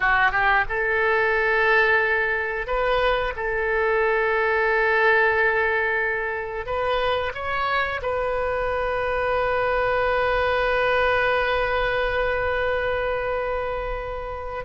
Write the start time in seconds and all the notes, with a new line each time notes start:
0.00 F#4
0.31 G4
0.68 A4
2.66 B4
3.36 A4
6.65 B4
7.34 C#5
8.02 B4